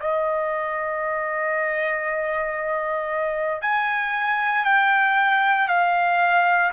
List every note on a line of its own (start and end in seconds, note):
0.00 3.62 D#5
3.62 4.65 G#5
4.65 5.68 G5
5.68 6.71 F5